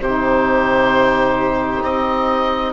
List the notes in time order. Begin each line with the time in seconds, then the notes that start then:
0.00 C3 D#4 G4 C5
1.83 C4 D#5